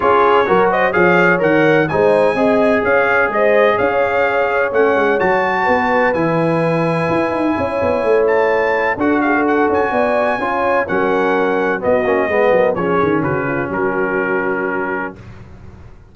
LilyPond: <<
  \new Staff \with { instrumentName = "trumpet" } { \time 4/4 \tempo 4 = 127 cis''4. dis''8 f''4 fis''4 | gis''2 f''4 dis''4 | f''2 fis''4 a''4~ | a''4 gis''2.~ |
gis''4. a''4. fis''8 f''8 | fis''8 gis''2~ gis''8 fis''4~ | fis''4 dis''2 cis''4 | b'4 ais'2. | }
  \new Staff \with { instrumentName = "horn" } { \time 4/4 gis'4 ais'8 c''8 cis''2 | c''4 dis''4 cis''4 c''4 | cis''1 | b'1 |
cis''2. a'8 gis'16 a'16~ | a'4 d''4 cis''4 ais'4~ | ais'4 fis'4 b'8 ais'8 gis'4 | fis'8 f'8 fis'2. | }
  \new Staff \with { instrumentName = "trombone" } { \time 4/4 f'4 fis'4 gis'4 ais'4 | dis'4 gis'2.~ | gis'2 cis'4 fis'4~ | fis'4 e'2.~ |
e'2. fis'4~ | fis'2 f'4 cis'4~ | cis'4 b8 cis'8 b4 cis'4~ | cis'1 | }
  \new Staff \with { instrumentName = "tuba" } { \time 4/4 cis'4 fis4 f4 dis4 | gis4 c'4 cis'4 gis4 | cis'2 a8 gis8 fis4 | b4 e2 e'8 dis'8 |
cis'8 b8 a2 d'4~ | d'8 cis'8 b4 cis'4 fis4~ | fis4 b8 ais8 gis8 fis8 f8 dis8 | cis4 fis2. | }
>>